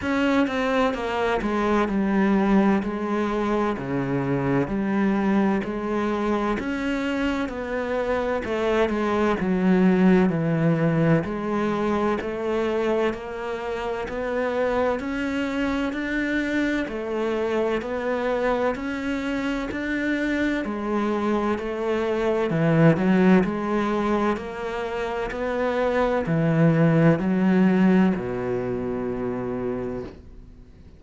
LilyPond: \new Staff \with { instrumentName = "cello" } { \time 4/4 \tempo 4 = 64 cis'8 c'8 ais8 gis8 g4 gis4 | cis4 g4 gis4 cis'4 | b4 a8 gis8 fis4 e4 | gis4 a4 ais4 b4 |
cis'4 d'4 a4 b4 | cis'4 d'4 gis4 a4 | e8 fis8 gis4 ais4 b4 | e4 fis4 b,2 | }